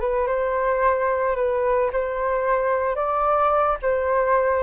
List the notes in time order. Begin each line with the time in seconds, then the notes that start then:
0.00 B4
0.27 C5
1.36 B4
1.92 C5
2.96 D5
3.82 C5